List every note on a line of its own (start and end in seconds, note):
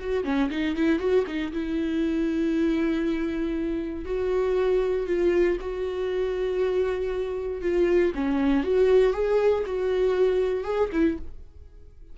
0.00 0.25 F#4
0.25 0.50 C#4
0.51 0.76 D#4
0.76 1.00 E4
1.00 1.25 F#4
1.27 1.53 D#4
1.53 4.06 E4
4.06 5.07 F#4
5.07 5.58 F4
5.61 7.62 F#4
7.62 8.13 F4
8.15 8.64 C#4
8.64 9.13 F#4
9.13 9.64 G#4
9.66 10.65 F#4
10.65 10.90 G#4
10.93 11.18 E4